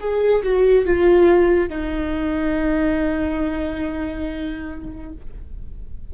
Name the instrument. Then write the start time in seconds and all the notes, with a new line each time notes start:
viola
0.00 G#4
0.43 F#4
0.86 F4
1.69 D#4